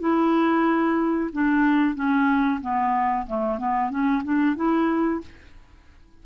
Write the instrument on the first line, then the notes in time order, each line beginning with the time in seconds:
clarinet
0.00 E4
1.33 D4
1.95 C#4
2.61 B3
3.27 A3
3.58 B3
3.90 C#4
4.24 D4
4.56 E4